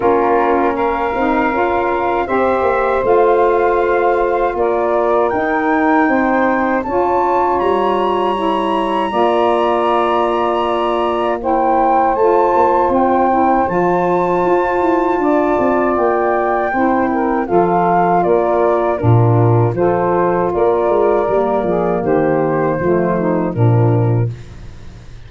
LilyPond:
<<
  \new Staff \with { instrumentName = "flute" } { \time 4/4 \tempo 4 = 79 ais'4 f''2 e''4 | f''2 d''4 g''4~ | g''4 a''4 ais''2~ | ais''2. g''4 |
a''4 g''4 a''2~ | a''4 g''2 f''4 | d''4 ais'4 c''4 d''4~ | d''4 c''2 ais'4 | }
  \new Staff \with { instrumentName = "saxophone" } { \time 4/4 f'4 ais'2 c''4~ | c''2 ais'2 | c''4 cis''2. | d''2. c''4~ |
c''1 | d''2 c''8 ais'8 a'4 | ais'4 f'4 a'4 ais'4~ | ais'8 gis'8 g'4 f'8 dis'8 d'4 | }
  \new Staff \with { instrumentName = "saxophone" } { \time 4/4 cis'4. dis'8 f'4 g'4 | f'2. dis'4~ | dis'4 f'2 e'4 | f'2. e'4 |
f'4. e'8 f'2~ | f'2 e'4 f'4~ | f'4 d'4 f'2 | ais2 a4 f4 | }
  \new Staff \with { instrumentName = "tuba" } { \time 4/4 ais4. c'8 cis'4 c'8 ais8 | a2 ais4 dis'4 | c'4 cis'4 g2 | ais1 |
a8 ais8 c'4 f4 f'8 e'8 | d'8 c'8 ais4 c'4 f4 | ais4 ais,4 f4 ais8 gis8 | g8 f8 dis4 f4 ais,4 | }
>>